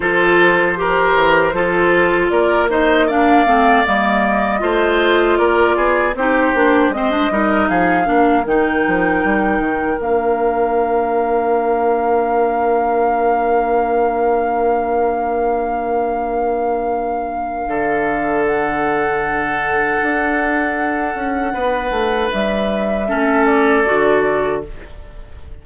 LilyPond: <<
  \new Staff \with { instrumentName = "flute" } { \time 4/4 \tempo 4 = 78 c''2. d''8 dis''8 | f''4 dis''2 d''4 | c''4 dis''4 f''4 g''4~ | g''4 f''2.~ |
f''1~ | f''1 | fis''1~ | fis''4 e''4. d''4. | }
  \new Staff \with { instrumentName = "oboe" } { \time 4/4 a'4 ais'4 a'4 ais'8 c''8 | d''2 c''4 ais'8 gis'8 | g'4 c''8 ais'8 gis'8 ais'4.~ | ais'1~ |
ais'1~ | ais'2. a'4~ | a'1 | b'2 a'2 | }
  \new Staff \with { instrumentName = "clarinet" } { \time 4/4 f'4 g'4 f'4. dis'8 | d'8 c'8 ais4 f'2 | dis'8 d'8 c'16 d'16 dis'4 d'8 dis'4~ | dis'4 d'2.~ |
d'1~ | d'1~ | d'1~ | d'2 cis'4 fis'4 | }
  \new Staff \with { instrumentName = "bassoon" } { \time 4/4 f4. e8 f4 ais4~ | ais8 a8 g4 a4 ais8 b8 | c'8 ais8 gis8 g8 f8 ais8 dis8 f8 | g8 dis8 ais2.~ |
ais1~ | ais2. d4~ | d2 d'4. cis'8 | b8 a8 g4 a4 d4 | }
>>